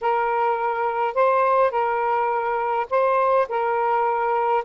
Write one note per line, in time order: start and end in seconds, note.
0.01 1.14 A#4
1.14 1.70 C5
1.70 2.86 A#4
2.90 3.47 C5
3.48 4.64 A#4